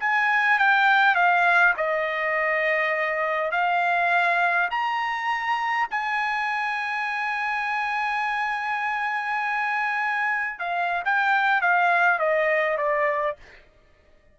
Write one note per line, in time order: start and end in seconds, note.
0.00 0.59 G#5
0.59 1.15 G5
1.15 1.74 F5
1.77 3.52 D#5
3.52 4.69 F5
4.71 5.88 A#5
5.91 10.59 G#5
10.59 11.03 F5
11.05 11.62 G5
11.62 12.19 F5
12.19 12.78 D#5
12.78 13.37 D5